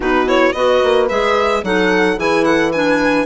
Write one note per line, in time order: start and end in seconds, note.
0.00 0.51 B2
0.00 0.25 D#4
0.00 0.55 F#4
0.00 0.28 B4
0.25 0.52 E4
0.25 0.52 C#5
0.52 0.81 B3
0.52 1.09 F#4
0.52 1.64 B4
0.52 1.06 D#5
0.83 1.10 A#3
1.09 1.63 G#3
1.09 1.63 G#4
1.09 1.64 E5
1.63 2.17 F#3
1.63 2.16 D#4
1.63 2.18 A4
1.63 2.19 F#5
2.16 3.25 E3
2.16 2.71 E4
2.16 2.45 G#4
2.16 2.44 G#5
2.44 2.73 A4
2.44 2.71 F#5
2.71 3.25 D4
2.71 3.25 B4
2.71 3.25 G#5